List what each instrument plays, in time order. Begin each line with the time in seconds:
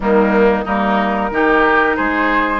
0.00 bassoon D#3, clarinet G3, oboe A#3, flute D#4
0.64 bassoon G3, clarinet A#3, oboe D#4, flute A#4
1.31 bassoon D#3, clarinet D#4, oboe G4
1.96 bassoon G#3, oboe G#4, flute C5